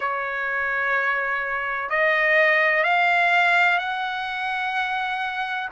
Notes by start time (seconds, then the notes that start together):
0.00 C#5
1.89 D#5
2.83 F5
3.78 F#5